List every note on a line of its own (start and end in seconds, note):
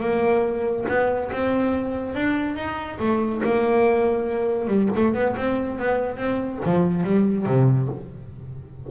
0.00 0.85 A#3
0.88 1.31 B3
1.32 2.15 C4
2.15 2.56 D4
2.56 2.98 D#4
2.99 3.42 A3
3.44 4.68 A#3
4.68 4.89 G3
4.95 5.14 A3
5.14 5.35 B3
5.36 5.79 C4
5.79 6.17 B3
6.17 6.60 C4
6.65 7.04 F3
7.04 7.46 G3
7.46 7.89 C3